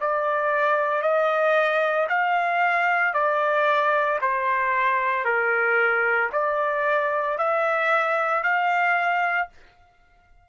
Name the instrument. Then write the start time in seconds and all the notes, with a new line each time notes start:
trumpet
0.00 D5
1.01 D#5
2.08 F5
3.13 D5
4.21 C5
5.24 A#4
6.32 D5
7.37 E5
8.43 F5